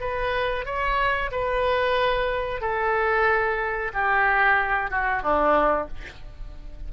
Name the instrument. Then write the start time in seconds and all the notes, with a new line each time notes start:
oboe
0.00 B4
0.65 C#5
1.31 B4
2.61 A4
3.93 G4
4.91 F#4
5.23 D4